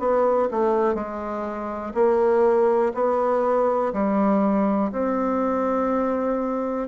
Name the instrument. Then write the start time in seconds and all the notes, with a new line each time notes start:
bassoon
0.00 B3
0.51 A3
0.95 G#3
1.94 A#3
2.95 B3
3.93 G3
4.92 C4